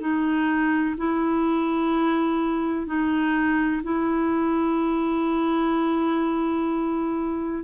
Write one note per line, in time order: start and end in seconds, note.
0.00 0.95 D#4
0.97 2.86 E4
2.86 3.81 D#4
3.83 7.64 E4